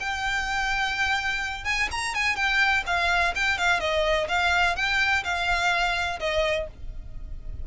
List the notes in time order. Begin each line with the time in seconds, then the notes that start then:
0.00 G5
1.65 G#5
1.91 A#5
2.15 G#5
2.36 G5
2.86 F5
3.35 G5
3.58 F5
3.80 D#5
4.28 F5
4.76 G5
5.24 F5
6.20 D#5